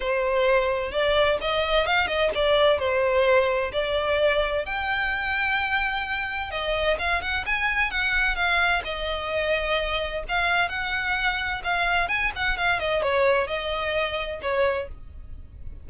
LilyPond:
\new Staff \with { instrumentName = "violin" } { \time 4/4 \tempo 4 = 129 c''2 d''4 dis''4 | f''8 dis''8 d''4 c''2 | d''2 g''2~ | g''2 dis''4 f''8 fis''8 |
gis''4 fis''4 f''4 dis''4~ | dis''2 f''4 fis''4~ | fis''4 f''4 gis''8 fis''8 f''8 dis''8 | cis''4 dis''2 cis''4 | }